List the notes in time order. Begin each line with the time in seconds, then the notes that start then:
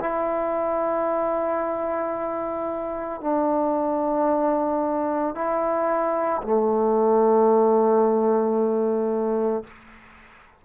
0.00 E4
3.20 D4
5.34 E4
6.42 A3